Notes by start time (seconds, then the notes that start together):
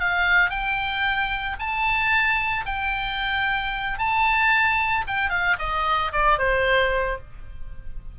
0.00 F5
0.50 G5
1.59 A5
2.66 G5
3.98 A5
5.07 G5
5.30 F5
5.59 D#5
6.12 D5
6.38 C5